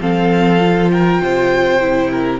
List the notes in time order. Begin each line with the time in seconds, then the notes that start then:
0.00 F3 C4 A4 F5
0.59 F4
0.91 A#4 G5
1.21 C3 C5
1.80 E4
2.10 A#4